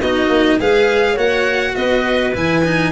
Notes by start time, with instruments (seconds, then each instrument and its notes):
0.00 tuba B3, cello D#4, clarinet F#4, violin D#5
0.29 tuba A#3
0.59 tuba G#3, cello G#4, clarinet B4, violin F5
1.14 tuba A#3, cello F#4, clarinet C#5, violin F#5
1.75 tuba B3, clarinet B4, violin D#5
2.34 tuba E3, cello E4, violin G#5
2.65 cello D#4